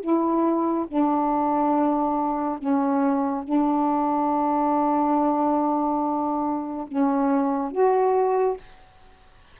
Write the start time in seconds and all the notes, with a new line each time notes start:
0.00 E4
0.87 D4
2.58 C#4
3.44 D4
6.87 C#4
7.71 F#4